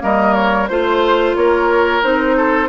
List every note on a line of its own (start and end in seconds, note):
0.00 0.70 G3
0.00 0.67 A#3
0.00 0.70 A#4
0.00 0.34 D#5
0.34 0.68 C#5
0.68 1.36 A3
0.68 2.03 F4
0.68 1.35 C5
0.68 1.37 C5
1.36 2.02 A#3
1.36 2.37 A#4
1.36 2.03 C#5
2.03 2.69 C4
2.03 2.69 D#4
2.03 2.69 C5
2.37 2.69 A4